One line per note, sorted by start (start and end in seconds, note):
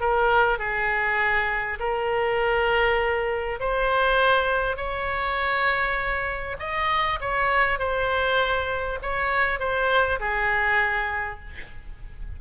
0.00 0.58 A#4
0.58 1.78 G#4
1.79 3.59 A#4
3.59 4.76 C5
4.76 6.56 C#5
6.59 7.19 D#5
7.21 7.79 C#5
7.79 8.99 C5
9.02 9.59 C#5
9.59 10.19 C5
10.19 11.39 G#4